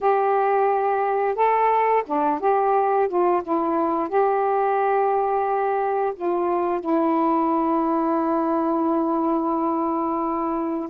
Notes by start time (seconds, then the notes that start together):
0.00 G4
1.35 A4
2.06 D4
2.40 G4
3.08 F4
3.43 E4
4.08 G4
6.15 F4
6.80 E4